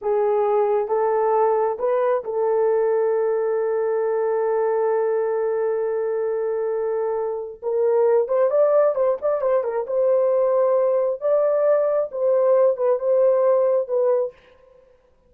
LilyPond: \new Staff \with { instrumentName = "horn" } { \time 4/4 \tempo 4 = 134 gis'2 a'2 | b'4 a'2.~ | a'1~ | a'1~ |
a'4 ais'4. c''8 d''4 | c''8 d''8 c''8 ais'8 c''2~ | c''4 d''2 c''4~ | c''8 b'8 c''2 b'4 | }